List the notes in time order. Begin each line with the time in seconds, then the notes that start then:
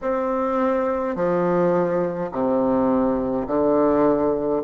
0.01 C4
1.15 F3
2.31 C3
3.47 D3